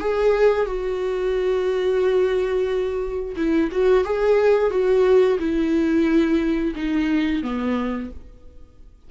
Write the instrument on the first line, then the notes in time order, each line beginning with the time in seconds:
viola
0.00 G#4
0.66 F#4
3.36 E4
3.71 F#4
4.04 G#4
4.70 F#4
5.39 E4
6.75 D#4
7.42 B3